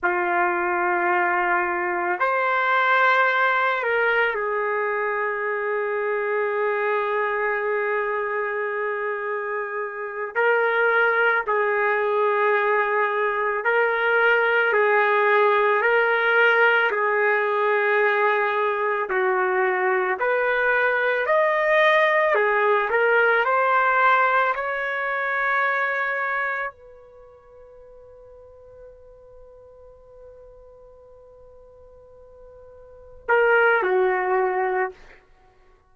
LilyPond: \new Staff \with { instrumentName = "trumpet" } { \time 4/4 \tempo 4 = 55 f'2 c''4. ais'8 | gis'1~ | gis'4. ais'4 gis'4.~ | gis'8 ais'4 gis'4 ais'4 gis'8~ |
gis'4. fis'4 b'4 dis''8~ | dis''8 gis'8 ais'8 c''4 cis''4.~ | cis''8 b'2.~ b'8~ | b'2~ b'8 ais'8 fis'4 | }